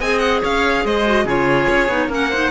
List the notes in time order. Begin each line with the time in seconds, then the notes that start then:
0.00 C4 G#4 D#5 G#5
0.19 F#5
0.42 C#4 C#5 F5
0.85 G#3 C5 D#5
1.06 F#4
1.25 C#3 F4 G#4 C#5
1.69 C#4
1.88 B3 D#4
2.08 A#3 C#4 A#4
2.14 F#5
2.30 D#4 C5